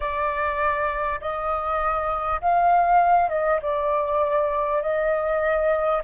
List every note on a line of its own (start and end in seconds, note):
0.00 1.19 D5
1.20 2.40 D#5
2.41 3.29 F5
3.29 3.59 D#5
3.62 4.82 D5
4.82 6.02 D#5